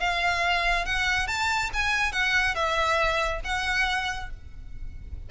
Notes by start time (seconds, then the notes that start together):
0.00 F5
0.86 F#5
1.28 A5
1.74 G#5
2.12 F#5
2.55 E5
3.44 F#5